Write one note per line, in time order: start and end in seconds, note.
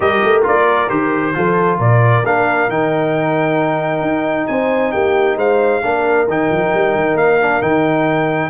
0.00 0.22 G3
0.00 0.42 G4
0.00 1.34 A#4
0.00 0.42 D#5
0.23 0.45 A3
0.42 0.90 A#3
0.42 0.87 F4
0.42 0.89 D5
0.89 1.35 D#3
0.89 1.33 G4
0.89 1.78 C5
1.34 1.79 F3
1.34 2.23 F4
1.34 1.77 A4
1.77 2.23 A#2
1.77 4.46 A#4
1.77 2.25 D5
2.25 2.68 A#3
2.25 2.69 D4
2.25 2.70 F5
2.68 4.01 D#3
2.68 5.82 D#4
2.68 4.47 G5
4.01 4.46 D#4
4.47 4.93 C4
4.47 4.92 C5
4.47 4.92 G#5
4.92 5.36 A#3
4.92 5.37 G4
4.92 5.36 G5
5.36 5.81 G#3
5.36 5.81 C5
5.36 6.28 F5
5.82 6.27 A#3
5.82 6.27 D4
5.82 8.50 A#4
6.27 6.50 D#3
6.27 7.40 D#4
6.27 7.17 G5
6.50 6.73 F3
6.74 6.95 G3
6.95 7.14 D#3
7.14 7.59 A#3
7.14 7.61 F5
7.40 7.61 D4
7.61 8.50 D#3
7.61 8.50 D#4
7.61 8.50 G5